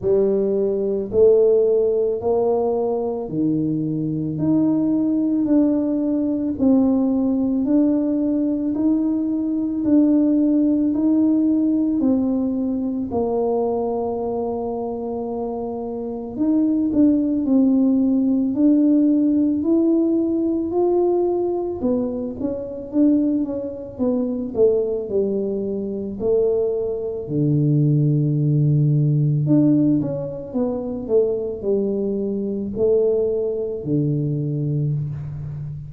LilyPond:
\new Staff \with { instrumentName = "tuba" } { \time 4/4 \tempo 4 = 55 g4 a4 ais4 dis4 | dis'4 d'4 c'4 d'4 | dis'4 d'4 dis'4 c'4 | ais2. dis'8 d'8 |
c'4 d'4 e'4 f'4 | b8 cis'8 d'8 cis'8 b8 a8 g4 | a4 d2 d'8 cis'8 | b8 a8 g4 a4 d4 | }